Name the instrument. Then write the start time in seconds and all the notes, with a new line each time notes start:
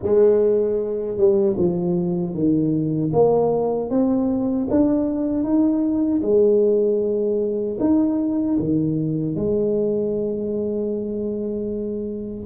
tuba
0.02 G#3
1.17 G3
1.57 F3
2.33 D#3
3.12 A#3
3.90 C4
4.70 D4
5.43 D#4
6.22 G#3
7.80 D#4
8.59 D#3
9.35 G#3